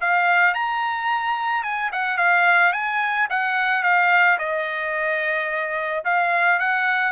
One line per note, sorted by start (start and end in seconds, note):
0.00 0.54 F5
0.54 1.63 A#5
1.63 1.90 G#5
1.92 2.17 F#5
2.17 2.72 F5
2.72 3.27 G#5
3.30 3.82 F#5
3.82 4.37 F5
4.38 6.03 D#5
6.04 6.59 F5
6.59 7.12 F#5